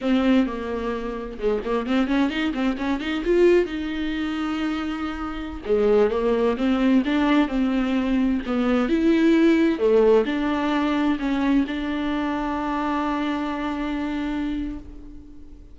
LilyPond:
\new Staff \with { instrumentName = "viola" } { \time 4/4 \tempo 4 = 130 c'4 ais2 gis8 ais8 | c'8 cis'8 dis'8 c'8 cis'8 dis'8 f'4 | dis'1~ | dis'16 gis4 ais4 c'4 d'8.~ |
d'16 c'2 b4 e'8.~ | e'4~ e'16 a4 d'4.~ d'16~ | d'16 cis'4 d'2~ d'8.~ | d'1 | }